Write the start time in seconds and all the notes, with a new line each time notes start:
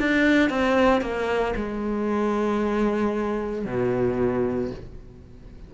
0.00 D4
0.50 C4
1.02 A#3
1.56 G#3
3.66 B2